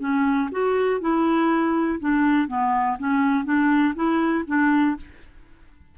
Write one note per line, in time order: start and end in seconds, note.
0.00 0.50 C#4
0.51 1.00 F#4
1.00 1.99 E4
2.00 2.48 D4
2.48 2.97 B3
2.98 3.44 C#4
3.44 3.94 D4
3.95 4.45 E4
4.47 4.96 D4